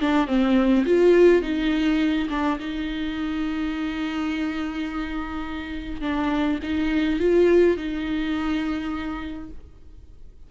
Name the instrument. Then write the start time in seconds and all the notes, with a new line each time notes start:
viola
0.00 D4
0.27 C4
0.85 F4
1.42 D#4
2.29 D4
2.59 D#4
6.01 D4
6.63 D#4
7.19 F4
7.76 D#4